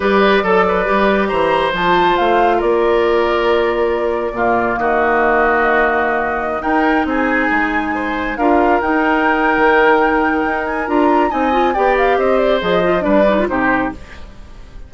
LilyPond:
<<
  \new Staff \with { instrumentName = "flute" } { \time 4/4 \tempo 4 = 138 d''2. ais''4 | a''4 f''4 d''2~ | d''2. dis''4~ | dis''2.~ dis''16 g''8.~ |
g''16 gis''2. f''8.~ | f''16 g''2.~ g''8.~ | g''8 gis''8 ais''4 gis''4 g''8 f''8 | dis''8 d''8 dis''4 d''4 c''4 | }
  \new Staff \with { instrumentName = "oboe" } { \time 4/4 b'4 a'8 b'4. c''4~ | c''2 ais'2~ | ais'2 f'4 fis'4~ | fis'2.~ fis'16 ais'8.~ |
ais'16 gis'2 c''4 ais'8.~ | ais'1~ | ais'2 dis''4 d''4 | c''2 b'4 g'4 | }
  \new Staff \with { instrumentName = "clarinet" } { \time 4/4 g'4 a'4 g'2 | f'1~ | f'2 ais2~ | ais2.~ ais16 dis'8.~ |
dis'2.~ dis'16 f'8.~ | f'16 dis'2.~ dis'8.~ | dis'4 f'4 dis'8 f'8 g'4~ | g'4 gis'8 f'8 d'8 dis'16 f'16 dis'4 | }
  \new Staff \with { instrumentName = "bassoon" } { \time 4/4 g4 fis4 g4 e4 | f4 a4 ais2~ | ais2 ais,4 dis4~ | dis2.~ dis16 dis'8.~ |
dis'16 c'4 gis2 d'8.~ | d'16 dis'4.~ dis'16 dis2 | dis'4 d'4 c'4 b4 | c'4 f4 g4 c4 | }
>>